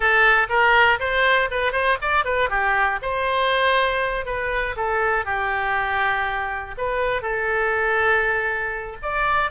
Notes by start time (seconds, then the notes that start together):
0.00 A4
0.49 A#4
0.99 C5
1.50 B4
1.72 C5
2.01 D5
2.24 B4
2.49 G4
3.02 C5
4.25 B4
4.76 A4
5.25 G4
6.77 B4
7.21 A4
9.02 D5